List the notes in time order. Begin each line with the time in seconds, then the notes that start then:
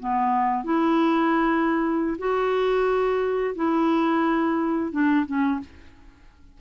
0.00 B3
0.64 E4
2.19 F#4
3.55 E4
4.92 D4
5.27 C#4